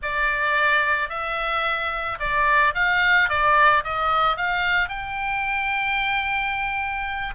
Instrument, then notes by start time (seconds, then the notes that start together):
oboe
0.02 D5
1.09 E5
2.19 D5
2.74 F5
3.29 D5
3.84 D#5
4.36 F5
4.88 G5